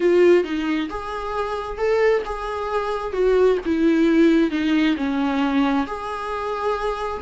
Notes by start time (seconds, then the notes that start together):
0.00 F4
0.44 D#4
0.89 G#4
1.77 A4
2.25 G#4
3.13 F#4
3.65 E4
4.50 D#4
4.96 C#4
5.86 G#4